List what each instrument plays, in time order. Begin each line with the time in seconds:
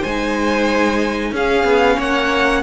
0.00 cello G#3, violin C5 G#5
0.07 viola D#4
1.32 cello C#4, viola C#4, violin G#4 F5
1.64 cello B3
1.96 cello A#3, violin C#5 F#5